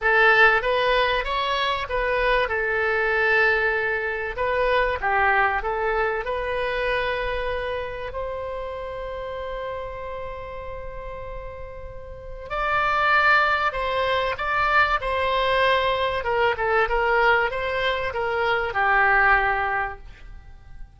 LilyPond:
\new Staff \with { instrumentName = "oboe" } { \time 4/4 \tempo 4 = 96 a'4 b'4 cis''4 b'4 | a'2. b'4 | g'4 a'4 b'2~ | b'4 c''2.~ |
c''1 | d''2 c''4 d''4 | c''2 ais'8 a'8 ais'4 | c''4 ais'4 g'2 | }